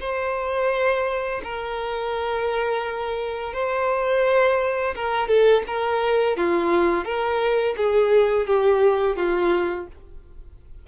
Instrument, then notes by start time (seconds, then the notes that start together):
violin
0.00 C5
1.44 A#4
3.54 C5
4.96 A#4
5.27 A4
5.67 A#4
6.37 F4
7.05 A#4
7.77 G#4
8.47 G4
9.16 F4